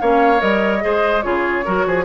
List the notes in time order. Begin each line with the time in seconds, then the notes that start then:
0.00 A#3 C#4 C#5 F5
0.38 G3 A#4 D#5
0.81 G#3 G#4 C5
1.22 C#3 F4 G#4 C#5
1.65 F#3 F#4 A#4
1.86 F3 G#4